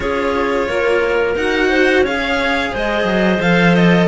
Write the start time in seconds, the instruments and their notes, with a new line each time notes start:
0.00 cello C#4 F4, clarinet G#4, violin C#5
0.68 cello A#3, clarinet A#4
1.35 cello D#4 F#4, violin F#5
1.69 clarinet C5
2.02 cello C#4 G#4, clarinet C#5, violin F5
2.72 cello G#3, clarinet C5, violin D#5
3.04 cello F#3
3.39 cello F3 A4, violin F5
3.75 violin D#5